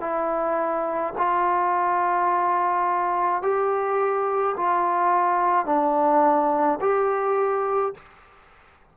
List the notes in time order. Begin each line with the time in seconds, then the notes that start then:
0.00 E4
1.17 F4
3.42 G4
4.57 F4
5.66 D4
6.81 G4